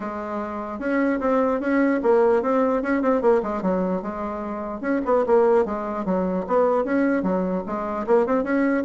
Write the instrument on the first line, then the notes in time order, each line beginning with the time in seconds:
bassoon
0.00 G#3
0.79 C#4
1.20 C4
1.60 C#4
2.03 A#3
2.42 C4
2.82 C#4
3.01 C4
3.21 A#3
3.42 G#3
3.61 F#3
4.01 G#3
4.80 C#4
5.05 B3
5.26 A#3
5.65 G#3
6.05 F#3
6.47 B3
6.84 C#4
7.22 F#3
7.66 G#3
8.06 A#3
8.26 C4
8.43 C#4